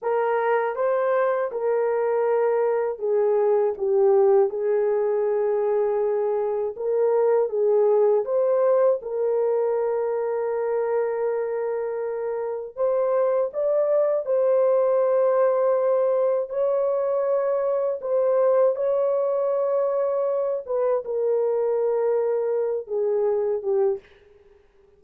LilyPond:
\new Staff \with { instrumentName = "horn" } { \time 4/4 \tempo 4 = 80 ais'4 c''4 ais'2 | gis'4 g'4 gis'2~ | gis'4 ais'4 gis'4 c''4 | ais'1~ |
ais'4 c''4 d''4 c''4~ | c''2 cis''2 | c''4 cis''2~ cis''8 b'8 | ais'2~ ais'8 gis'4 g'8 | }